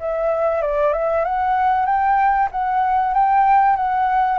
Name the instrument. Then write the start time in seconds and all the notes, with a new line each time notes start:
flute
0.00 E5
0.62 D5
0.93 E5
1.25 F#5
1.86 G5
2.52 F#5
3.14 G5
3.77 F#5